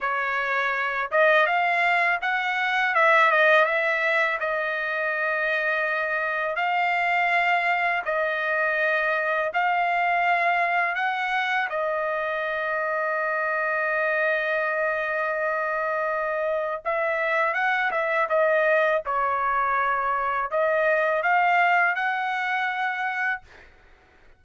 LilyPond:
\new Staff \with { instrumentName = "trumpet" } { \time 4/4 \tempo 4 = 82 cis''4. dis''8 f''4 fis''4 | e''8 dis''8 e''4 dis''2~ | dis''4 f''2 dis''4~ | dis''4 f''2 fis''4 |
dis''1~ | dis''2. e''4 | fis''8 e''8 dis''4 cis''2 | dis''4 f''4 fis''2 | }